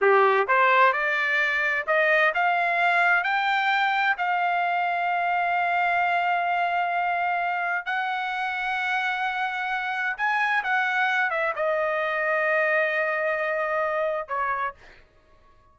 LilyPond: \new Staff \with { instrumentName = "trumpet" } { \time 4/4 \tempo 4 = 130 g'4 c''4 d''2 | dis''4 f''2 g''4~ | g''4 f''2.~ | f''1~ |
f''4 fis''2.~ | fis''2 gis''4 fis''4~ | fis''8 e''8 dis''2.~ | dis''2. cis''4 | }